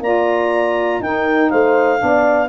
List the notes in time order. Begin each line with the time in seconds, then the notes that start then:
0.00 A#3 F4 D5 A#5
1.00 D#4 A#4 G5
1.50 A3 C5 F5
1.98 B3 D4 D5